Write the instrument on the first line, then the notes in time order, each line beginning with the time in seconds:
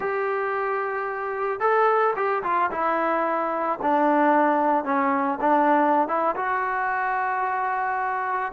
trombone
0.00 G4
1.59 A4
2.15 G4
2.43 F4
2.71 E4
3.82 D4
4.84 C#4
5.41 D4
6.08 E4
6.36 F#4